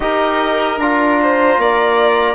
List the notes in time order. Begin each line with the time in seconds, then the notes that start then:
0.00 D#4 G4 A#4 D#5
0.77 D4 F4 A#5
1.22 C5
1.58 A#3 D5